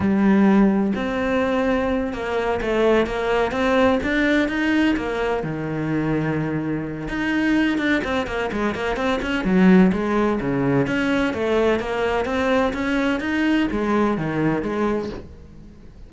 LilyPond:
\new Staff \with { instrumentName = "cello" } { \time 4/4 \tempo 4 = 127 g2 c'2~ | c'8 ais4 a4 ais4 c'8~ | c'8 d'4 dis'4 ais4 dis8~ | dis2. dis'4~ |
dis'8 d'8 c'8 ais8 gis8 ais8 c'8 cis'8 | fis4 gis4 cis4 cis'4 | a4 ais4 c'4 cis'4 | dis'4 gis4 dis4 gis4 | }